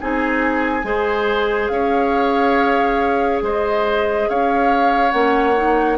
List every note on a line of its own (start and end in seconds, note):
0.00 0.84 C4
0.00 0.82 D#4
0.00 0.86 G#4
0.00 1.68 G#5
0.82 1.69 G#3
0.82 5.11 G#4
0.82 1.72 C5
1.68 3.41 C#4
1.68 3.43 C#5
1.68 3.40 F5
3.42 4.27 G#3
3.42 4.29 C5
3.42 4.29 D#5
4.29 5.13 C#4
4.29 5.98 C#5
4.29 5.11 F5
5.11 5.98 A#3
5.11 5.54 C#4
5.11 5.97 F#5
5.55 5.98 D#4